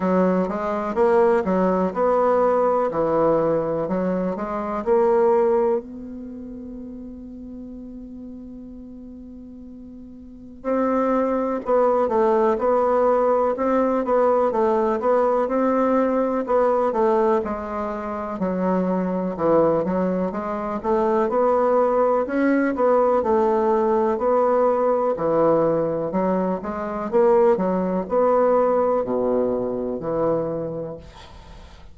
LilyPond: \new Staff \with { instrumentName = "bassoon" } { \time 4/4 \tempo 4 = 62 fis8 gis8 ais8 fis8 b4 e4 | fis8 gis8 ais4 b2~ | b2. c'4 | b8 a8 b4 c'8 b8 a8 b8 |
c'4 b8 a8 gis4 fis4 | e8 fis8 gis8 a8 b4 cis'8 b8 | a4 b4 e4 fis8 gis8 | ais8 fis8 b4 b,4 e4 | }